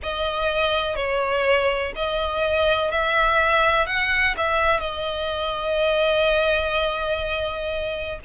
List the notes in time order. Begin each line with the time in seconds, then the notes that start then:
0.02 D#5
0.95 C#5
1.95 D#5
2.91 E5
3.86 F#5
4.37 E5
4.80 D#5